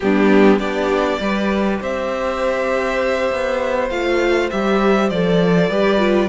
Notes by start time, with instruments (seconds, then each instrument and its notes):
0.00 cello G3, viola B3, violin D4 G4
0.58 cello B3, viola D4, violin G4 D5
1.20 cello G3, viola G4, violin B4
1.80 cello C4, violin C5 E5
3.31 cello B3
3.89 cello A3, viola F4, violin F5
4.50 cello G3, viola G4, violin E5
5.09 cello F3, viola A4, violin D5
5.69 cello G3, viola G4, violin B4
5.98 viola F4